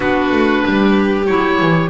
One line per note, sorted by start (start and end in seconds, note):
0.00 0.31 B3
0.00 1.25 D4
0.00 0.64 F#4
0.00 1.26 B4
0.31 0.63 A3
0.64 1.29 G3
0.64 1.89 G4
1.26 1.60 F#3
1.26 1.89 E4
1.26 1.89 C#5
1.60 1.89 E3